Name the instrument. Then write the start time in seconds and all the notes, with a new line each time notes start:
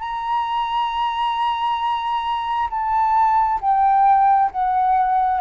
flute
0.00 A#5
2.70 A5
3.61 G5
4.51 F#5